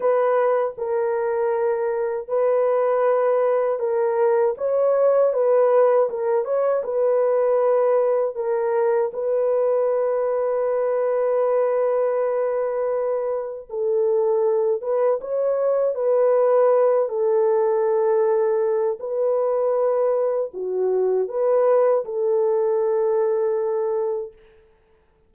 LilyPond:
\new Staff \with { instrumentName = "horn" } { \time 4/4 \tempo 4 = 79 b'4 ais'2 b'4~ | b'4 ais'4 cis''4 b'4 | ais'8 cis''8 b'2 ais'4 | b'1~ |
b'2 a'4. b'8 | cis''4 b'4. a'4.~ | a'4 b'2 fis'4 | b'4 a'2. | }